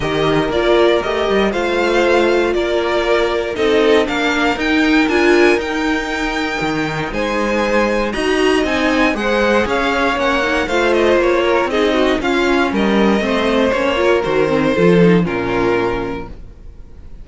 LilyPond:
<<
  \new Staff \with { instrumentName = "violin" } { \time 4/4 \tempo 4 = 118 dis''4 d''4 dis''4 f''4~ | f''4 d''2 dis''4 | f''4 g''4 gis''4 g''4~ | g''2 gis''2 |
ais''4 gis''4 fis''4 f''4 | fis''4 f''8 dis''8 cis''4 dis''4 | f''4 dis''2 cis''4 | c''2 ais'2 | }
  \new Staff \with { instrumentName = "violin" } { \time 4/4 ais'2. c''4~ | c''4 ais'2 a'4 | ais'1~ | ais'2 c''2 |
dis''2 c''4 cis''4~ | cis''4 c''4. ais'8 gis'8 fis'8 | f'4 ais'4 c''4. ais'8~ | ais'4 a'4 f'2 | }
  \new Staff \with { instrumentName = "viola" } { \time 4/4 g'4 f'4 g'4 f'4~ | f'2. dis'4 | d'4 dis'4 f'4 dis'4~ | dis'1 |
fis'4 dis'4 gis'2 | cis'8 dis'8 f'2 dis'4 | cis'2 c'4 cis'8 f'8 | fis'8 c'8 f'8 dis'8 cis'2 | }
  \new Staff \with { instrumentName = "cello" } { \time 4/4 dis4 ais4 a8 g8 a4~ | a4 ais2 c'4 | ais4 dis'4 d'4 dis'4~ | dis'4 dis4 gis2 |
dis'4 c'4 gis4 cis'4 | ais4 a4 ais4 c'4 | cis'4 g4 a4 ais4 | dis4 f4 ais,2 | }
>>